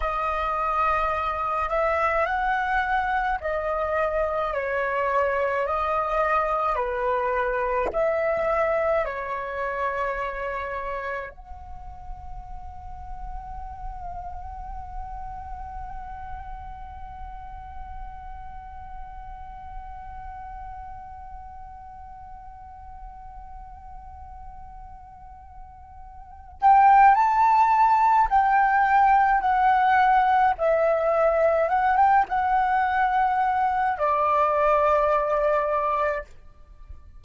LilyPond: \new Staff \with { instrumentName = "flute" } { \time 4/4 \tempo 4 = 53 dis''4. e''8 fis''4 dis''4 | cis''4 dis''4 b'4 e''4 | cis''2 fis''2~ | fis''1~ |
fis''1~ | fis''2.~ fis''8 g''8 | a''4 g''4 fis''4 e''4 | fis''16 g''16 fis''4. d''2 | }